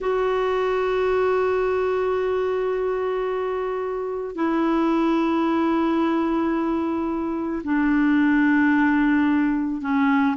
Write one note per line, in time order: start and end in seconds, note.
0.00 4.35 F#4
4.35 7.62 E4
7.63 9.81 D4
9.81 10.36 C#4